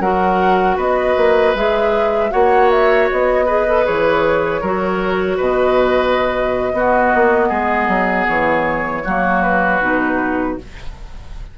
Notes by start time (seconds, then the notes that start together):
0.00 F#3 F#4 A#4 F#5
0.77 B3 B4 D#5
1.17 A#3
1.54 G#3 G#4 E5
2.30 A#3 F#4 C#5 F#5
2.70 E5
3.12 B3 D#5
3.46 G#4 B4
3.68 A4
3.84 E3 G#4 C#5
4.61 F#3 F#4 A#4
5.37 B2 B4 D#5
6.73 B3 F#4
7.15 A#3
7.49 G#3 G#4
7.88 F#3
8.27 E3 C#5
9.04 F#3 A#3 F#4
9.42 B4
9.81 B2 D#4